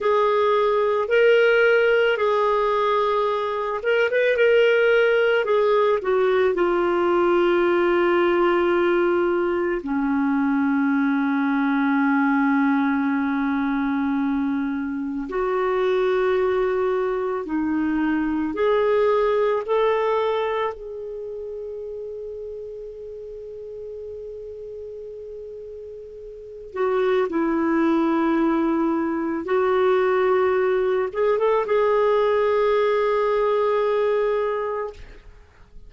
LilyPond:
\new Staff \with { instrumentName = "clarinet" } { \time 4/4 \tempo 4 = 55 gis'4 ais'4 gis'4. ais'16 b'16 | ais'4 gis'8 fis'8 f'2~ | f'4 cis'2.~ | cis'2 fis'2 |
dis'4 gis'4 a'4 gis'4~ | gis'1~ | gis'8 fis'8 e'2 fis'4~ | fis'8 gis'16 a'16 gis'2. | }